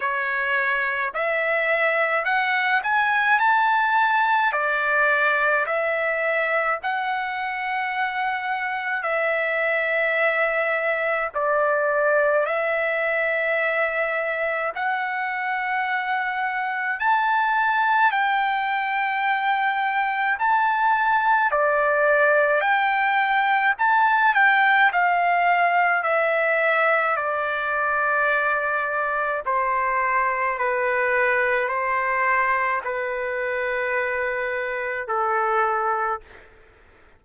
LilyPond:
\new Staff \with { instrumentName = "trumpet" } { \time 4/4 \tempo 4 = 53 cis''4 e''4 fis''8 gis''8 a''4 | d''4 e''4 fis''2 | e''2 d''4 e''4~ | e''4 fis''2 a''4 |
g''2 a''4 d''4 | g''4 a''8 g''8 f''4 e''4 | d''2 c''4 b'4 | c''4 b'2 a'4 | }